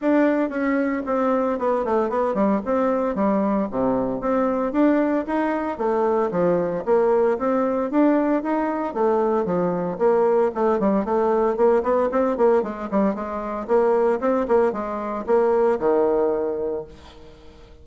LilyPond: \new Staff \with { instrumentName = "bassoon" } { \time 4/4 \tempo 4 = 114 d'4 cis'4 c'4 b8 a8 | b8 g8 c'4 g4 c4 | c'4 d'4 dis'4 a4 | f4 ais4 c'4 d'4 |
dis'4 a4 f4 ais4 | a8 g8 a4 ais8 b8 c'8 ais8 | gis8 g8 gis4 ais4 c'8 ais8 | gis4 ais4 dis2 | }